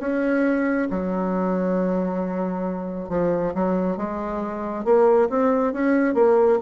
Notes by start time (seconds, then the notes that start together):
0.00 C#4
0.90 F#3
3.09 F3
3.54 F#3
3.97 G#3
4.84 A#3
5.29 C4
5.73 C#4
6.14 A#3